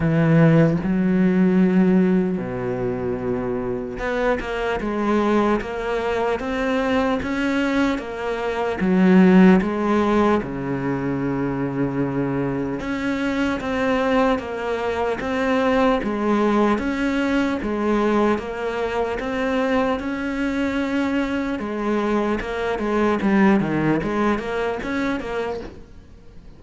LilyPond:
\new Staff \with { instrumentName = "cello" } { \time 4/4 \tempo 4 = 75 e4 fis2 b,4~ | b,4 b8 ais8 gis4 ais4 | c'4 cis'4 ais4 fis4 | gis4 cis2. |
cis'4 c'4 ais4 c'4 | gis4 cis'4 gis4 ais4 | c'4 cis'2 gis4 | ais8 gis8 g8 dis8 gis8 ais8 cis'8 ais8 | }